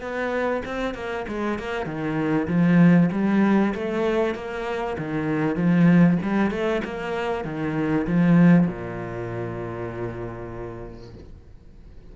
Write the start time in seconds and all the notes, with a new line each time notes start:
0.00 B3
0.65 C4
0.94 A#3
1.28 G#3
1.58 A#3
1.85 D#3
2.47 F3
3.12 G3
3.74 A3
4.35 A#3
4.98 D#3
5.56 F3
6.22 G3
6.50 A3
6.84 A#3
7.44 D#3
8.06 F3
8.67 A#2